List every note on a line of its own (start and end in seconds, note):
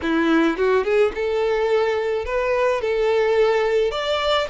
0.02 0.57 E4
0.57 0.84 F#4
0.84 1.12 G#4
1.14 2.25 A4
2.25 2.81 B4
2.81 3.91 A4
3.91 4.47 D5